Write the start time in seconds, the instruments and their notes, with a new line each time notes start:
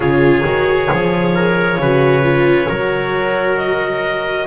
0.00 double bass C#3, viola F4, trumpet G#4, clarinet C#5
0.44 double bass D#3, viola F#4
0.92 double bass F3, viola G#4
1.34 trumpet A#4
1.77 double bass C#3, viola F#4, trumpet B4
2.21 viola F4
2.68 double bass F#3, viola F#4, trumpet A#4
3.57 clarinet D#5